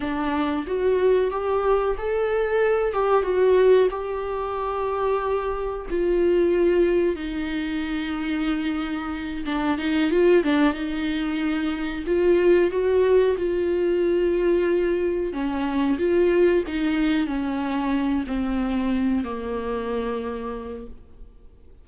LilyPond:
\new Staff \with { instrumentName = "viola" } { \time 4/4 \tempo 4 = 92 d'4 fis'4 g'4 a'4~ | a'8 g'8 fis'4 g'2~ | g'4 f'2 dis'4~ | dis'2~ dis'8 d'8 dis'8 f'8 |
d'8 dis'2 f'4 fis'8~ | fis'8 f'2. cis'8~ | cis'8 f'4 dis'4 cis'4. | c'4. ais2~ ais8 | }